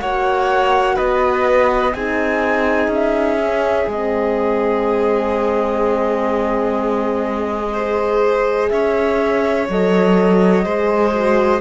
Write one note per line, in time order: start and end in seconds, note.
0.00 0.97 A#3
0.00 1.94 F#4
0.00 0.95 C#5
0.00 0.96 F#5
0.95 1.94 B3
0.95 1.92 B4
0.95 1.93 D#5
1.93 2.87 C4
1.93 3.40 D#4
1.93 7.73 G#4
1.93 2.90 G#5
2.87 3.84 C#4
2.87 3.90 E5
3.40 3.88 C#4
3.86 8.70 G#3
3.86 7.76 C4
3.86 8.69 D#5
7.73 9.70 G#4
7.73 8.69 C5
8.69 9.68 C#4
8.69 10.64 C#5
8.69 9.66 E5
9.68 10.65 F#3
9.68 10.64 A4
9.68 11.60 D#5
10.64 11.60 G#3
10.64 11.12 G#4
10.64 11.60 C5
11.12 11.60 F#4